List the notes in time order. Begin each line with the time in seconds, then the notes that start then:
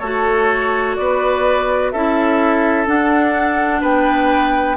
0.00 A3 F#4 A4 C#5
0.96 B3 B4 D5
1.91 C#4 E4 A4 E5
2.87 D4 F#5
3.81 B3 B4 G5